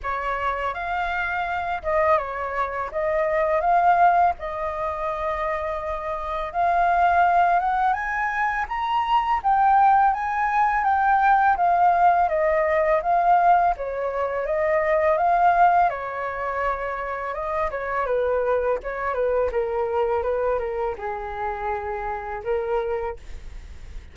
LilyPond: \new Staff \with { instrumentName = "flute" } { \time 4/4 \tempo 4 = 83 cis''4 f''4. dis''8 cis''4 | dis''4 f''4 dis''2~ | dis''4 f''4. fis''8 gis''4 | ais''4 g''4 gis''4 g''4 |
f''4 dis''4 f''4 cis''4 | dis''4 f''4 cis''2 | dis''8 cis''8 b'4 cis''8 b'8 ais'4 | b'8 ais'8 gis'2 ais'4 | }